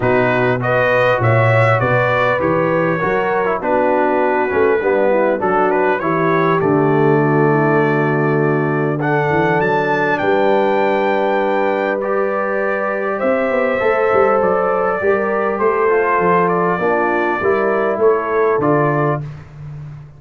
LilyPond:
<<
  \new Staff \with { instrumentName = "trumpet" } { \time 4/4 \tempo 4 = 100 b'4 dis''4 e''4 d''4 | cis''2 b'2~ | b'4 a'8 b'8 cis''4 d''4~ | d''2. fis''4 |
a''4 g''2. | d''2 e''2 | d''2 c''4. d''8~ | d''2 cis''4 d''4 | }
  \new Staff \with { instrumentName = "horn" } { \time 4/4 fis'4 b'4 cis''4 b'4~ | b'4 ais'4 fis'2 | d'8 e'8 fis'4 g'2 | fis'8 e'8 fis'2 a'4~ |
a'4 b'2.~ | b'2 c''2~ | c''4 ais'4 a'2 | f'4 ais'4 a'2 | }
  \new Staff \with { instrumentName = "trombone" } { \time 4/4 dis'4 fis'2. | g'4 fis'8. e'16 d'4. cis'8 | b4 d'4 e'4 a4~ | a2. d'4~ |
d'1 | g'2. a'4~ | a'4 g'4. f'4. | d'4 e'2 f'4 | }
  \new Staff \with { instrumentName = "tuba" } { \time 4/4 b,2 ais,4 b,4 | e4 fis4 b4. a8 | g4 fis4 e4 d4~ | d2.~ d8 e8 |
fis4 g2.~ | g2 c'8 b8 a8 g8 | fis4 g4 a4 f4 | ais4 g4 a4 d4 | }
>>